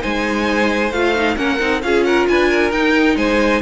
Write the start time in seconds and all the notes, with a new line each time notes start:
0.00 G#3 D#4 C5 G#5
0.92 A3 F4 F5
1.16 D#4
1.37 A#3 C#4 A#4 F#5
1.60 C4 D#4
1.83 C#4 F4 G#4 F5
2.04 A#4 F#5
2.29 D4 B4 G#5
2.49 A#4
2.72 D#4 G5
3.16 G#3 C5 G#5